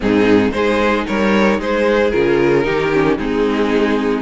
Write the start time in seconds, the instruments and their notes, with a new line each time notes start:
0.00 cello G#2, viola C4, violin D#4 G#4
0.51 cello G#3, viola D#4, violin G#4 C5
1.07 cello G3, violin A#4 C#5
1.59 cello G#3, violin G#4 C5
2.10 cello C#3, viola F4, violin A#4
2.63 cello D#3, viola D#4, violin G4
2.93 viola C#4
3.18 cello G#3, viola C4, violin D#4 G#4